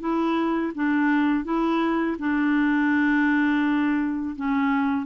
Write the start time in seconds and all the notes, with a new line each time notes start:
0.00 E4
0.75 D4
1.45 E4
2.19 D4
4.36 C#4